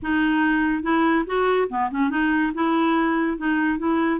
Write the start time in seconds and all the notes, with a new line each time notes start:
0.02 D#4
0.82 E4
1.26 F#4
1.69 B3
1.90 C#4
2.10 D#4
2.54 E4
3.37 D#4
3.78 E4